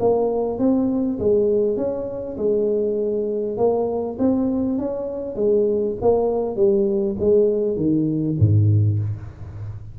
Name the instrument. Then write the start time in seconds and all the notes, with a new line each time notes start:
tuba
0.00 A#3
0.59 C4
1.19 G#3
1.77 C#4
2.38 G#3
3.58 A#3
4.19 C4
4.79 C#4
5.36 G#3
6.01 A#3
6.56 G3
7.20 G#3
7.77 D#3
8.39 G#2